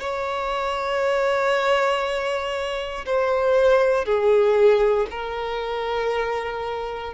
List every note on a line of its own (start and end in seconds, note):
0.00 3.05 C#5
3.06 4.05 C5
4.05 5.07 G#4
5.10 7.14 A#4